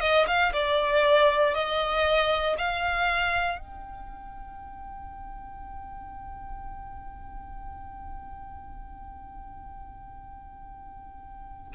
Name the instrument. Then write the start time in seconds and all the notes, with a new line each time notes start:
violin
0.00 D#5
0.27 F5
0.53 D5
1.54 D#5
2.58 F5
3.59 G5